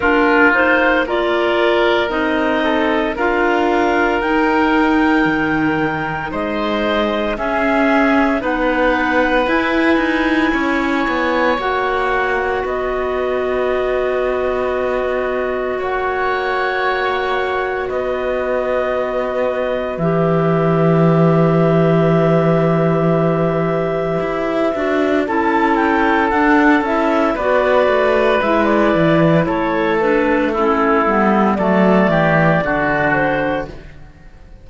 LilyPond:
<<
  \new Staff \with { instrumentName = "clarinet" } { \time 4/4 \tempo 4 = 57 ais'8 c''8 d''4 dis''4 f''4 | g''2 dis''4 e''4 | fis''4 gis''2 fis''4 | dis''2. fis''4~ |
fis''4 dis''2 e''4~ | e''1 | a''8 g''8 fis''8 e''8 d''4 e''16 d''8. | cis''8 b'8 a'4 d''4. c''8 | }
  \new Staff \with { instrumentName = "oboe" } { \time 4/4 f'4 ais'4. a'8 ais'4~ | ais'2 c''4 gis'4 | b'2 cis''2 | b'2. cis''4~ |
cis''4 b'2.~ | b'1 | a'2 b'2 | a'4 e'4 a'8 g'8 fis'4 | }
  \new Staff \with { instrumentName = "clarinet" } { \time 4/4 d'8 dis'8 f'4 dis'4 f'4 | dis'2. cis'4 | dis'4 e'2 fis'4~ | fis'1~ |
fis'2. g'4~ | g'2.~ g'8 fis'8 | e'4 d'8 e'8 fis'4 e'4~ | e'8 d'8 cis'8 b8 a4 d'4 | }
  \new Staff \with { instrumentName = "cello" } { \time 4/4 ais2 c'4 d'4 | dis'4 dis4 gis4 cis'4 | b4 e'8 dis'8 cis'8 b8 ais4 | b2. ais4~ |
ais4 b2 e4~ | e2. e'8 d'8 | cis'4 d'8 cis'8 b8 a8 gis8 e8 | a4. g8 fis8 e8 d4 | }
>>